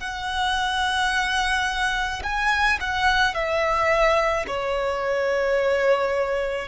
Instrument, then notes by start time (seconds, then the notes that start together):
violin
0.00 F#5
2.23 G#5
2.80 F#5
3.34 E5
4.47 C#5